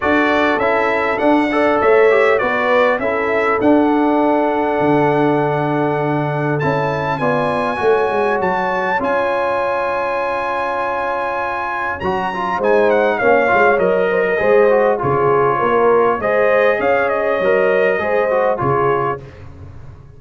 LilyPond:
<<
  \new Staff \with { instrumentName = "trumpet" } { \time 4/4 \tempo 4 = 100 d''4 e''4 fis''4 e''4 | d''4 e''4 fis''2~ | fis''2. a''4 | gis''2 a''4 gis''4~ |
gis''1 | ais''4 gis''8 fis''8 f''4 dis''4~ | dis''4 cis''2 dis''4 | f''8 dis''2~ dis''8 cis''4 | }
  \new Staff \with { instrumentName = "horn" } { \time 4/4 a'2~ a'8 d''8 cis''4 | b'4 a'2.~ | a'1 | d''4 cis''2.~ |
cis''1~ | cis''4 c''4 cis''4. c''16 ais'16 | c''4 gis'4 ais'4 c''4 | cis''2 c''4 gis'4 | }
  \new Staff \with { instrumentName = "trombone" } { \time 4/4 fis'4 e'4 d'8 a'4 g'8 | fis'4 e'4 d'2~ | d'2. e'4 | f'4 fis'2 f'4~ |
f'1 | fis'8 f'8 dis'4 cis'8 f'8 ais'4 | gis'8 fis'8 f'2 gis'4~ | gis'4 ais'4 gis'8 fis'8 f'4 | }
  \new Staff \with { instrumentName = "tuba" } { \time 4/4 d'4 cis'4 d'4 a4 | b4 cis'4 d'2 | d2. cis'4 | b4 a8 gis8 fis4 cis'4~ |
cis'1 | fis4 gis4 ais8 gis8 fis4 | gis4 cis4 ais4 gis4 | cis'4 fis4 gis4 cis4 | }
>>